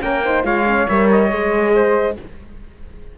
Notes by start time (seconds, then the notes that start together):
0.00 A#3 C#4 A#4 G5
0.24 D#4 C5
0.43 G#3 F4 C#5 F5
0.66 C#4
0.88 G3 A#4 E5
1.11 D#5
1.31 G#3 G#4
1.74 C5